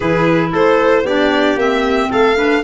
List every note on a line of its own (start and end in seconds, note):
0.00 0.52 E3
0.00 1.07 E4
0.00 0.51 G#4
0.00 0.51 B4
0.52 1.03 A3
0.52 1.04 A4
0.52 1.06 C5
1.03 1.55 B3
1.03 1.57 D4
1.03 2.10 G4
1.03 1.58 D5
1.55 2.08 A#3
1.55 2.36 C4
1.55 2.11 E5
2.10 2.63 A3
2.10 2.36 A4
2.10 2.63 F5
2.36 2.62 D4
2.36 2.63 B4